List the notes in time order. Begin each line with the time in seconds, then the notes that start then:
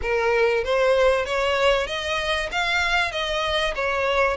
0.02 A#4
0.64 C5
1.25 C#5
1.87 D#5
2.51 F5
3.11 D#5
3.75 C#5